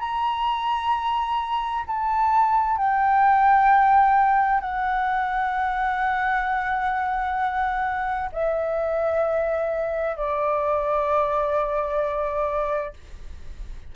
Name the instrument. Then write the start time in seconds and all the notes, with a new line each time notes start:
flute
0.00 A#5
1.87 A5
2.78 G5
4.61 F#5
8.32 E5
10.17 D5